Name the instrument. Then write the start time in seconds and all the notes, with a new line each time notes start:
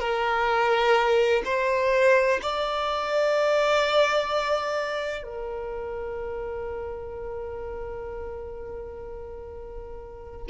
violin
0.00 A#4
1.45 C5
2.42 D5
5.24 A#4